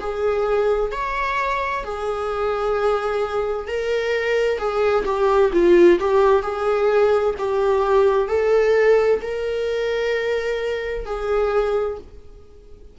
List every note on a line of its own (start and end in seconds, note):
0.00 0.91 G#4
0.91 1.84 C#5
1.84 3.67 G#4
3.67 4.58 A#4
4.58 5.04 G#4
5.05 5.51 G4
5.53 5.99 F4
6.00 6.42 G4
6.42 7.34 G#4
7.38 8.28 G4
8.28 9.20 A4
9.21 11.05 A#4
11.05 11.97 G#4